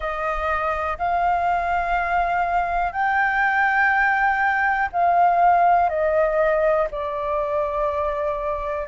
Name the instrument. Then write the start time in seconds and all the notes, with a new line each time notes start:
flute
0.00 D#5
0.98 F5
2.92 G5
4.92 F5
5.89 D#5
6.91 D5